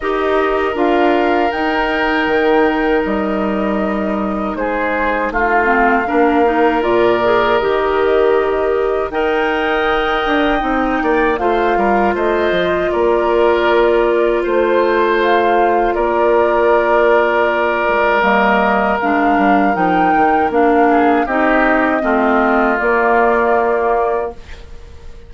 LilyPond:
<<
  \new Staff \with { instrumentName = "flute" } { \time 4/4 \tempo 4 = 79 dis''4 f''4 g''2 | dis''2 c''4 f''4~ | f''4 d''4 dis''2 | g''2. f''4 |
dis''4 d''2 c''4 | f''4 d''2. | dis''4 f''4 g''4 f''4 | dis''2 d''2 | }
  \new Staff \with { instrumentName = "oboe" } { \time 4/4 ais'1~ | ais'2 gis'4 f'4 | ais'1 | dis''2~ dis''8 d''8 c''8 ais'8 |
c''4 ais'2 c''4~ | c''4 ais'2.~ | ais'2.~ ais'8 gis'8 | g'4 f'2. | }
  \new Staff \with { instrumentName = "clarinet" } { \time 4/4 g'4 f'4 dis'2~ | dis'2.~ dis'8 c'8 | d'8 dis'8 f'8 gis'8 g'2 | ais'2 dis'4 f'4~ |
f'1~ | f'1 | ais4 d'4 dis'4 d'4 | dis'4 c'4 ais2 | }
  \new Staff \with { instrumentName = "bassoon" } { \time 4/4 dis'4 d'4 dis'4 dis4 | g2 gis4 a4 | ais4 ais,4 dis2 | dis'4. d'8 c'8 ais8 a8 g8 |
a8 f8 ais2 a4~ | a4 ais2~ ais8 gis8 | g4 gis8 g8 f8 dis8 ais4 | c'4 a4 ais2 | }
>>